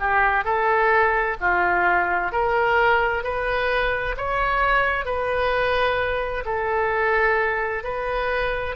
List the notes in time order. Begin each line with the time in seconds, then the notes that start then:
0.00 G4
0.45 A4
1.41 F4
2.32 A#4
3.23 B4
4.17 C#5
5.06 B4
6.46 A4
7.84 B4